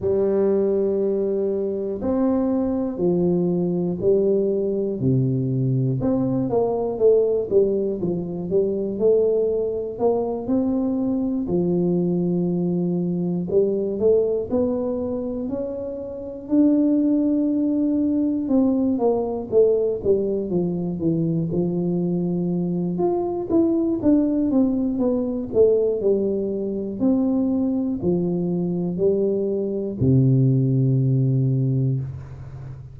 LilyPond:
\new Staff \with { instrumentName = "tuba" } { \time 4/4 \tempo 4 = 60 g2 c'4 f4 | g4 c4 c'8 ais8 a8 g8 | f8 g8 a4 ais8 c'4 f8~ | f4. g8 a8 b4 cis'8~ |
cis'8 d'2 c'8 ais8 a8 | g8 f8 e8 f4. f'8 e'8 | d'8 c'8 b8 a8 g4 c'4 | f4 g4 c2 | }